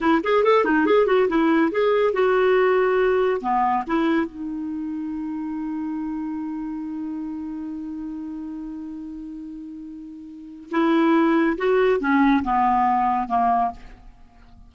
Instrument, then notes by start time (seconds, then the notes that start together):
clarinet
0.00 E4
0.23 G#4
0.44 A4
0.64 D#4
0.86 G#4
1.06 F#4
1.29 E4
1.71 G#4
2.13 F#4
3.41 B3
3.87 E4
4.26 D#4
10.71 E4
11.57 F#4
12.00 C#4
12.43 B3
13.28 A#3